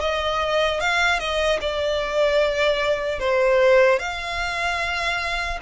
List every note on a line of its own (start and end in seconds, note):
0.00 0.80 D#5
0.80 1.19 F5
1.19 1.59 D#5
1.61 3.19 D5
3.19 3.99 C5
3.99 5.59 F5